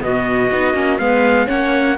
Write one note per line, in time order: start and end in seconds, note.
0.00 0.52 B2
0.00 0.49 B3
0.00 1.01 F#4
0.00 0.98 D#5
0.52 0.74 B3
0.52 0.74 D#4
0.74 0.99 A#3
0.74 0.99 C#4
0.98 1.48 G#3
0.98 1.47 B3
0.98 1.47 B4
0.98 1.48 F5
1.47 1.98 A#3
1.47 1.96 C#4
1.47 1.96 C#5
1.47 1.98 F#5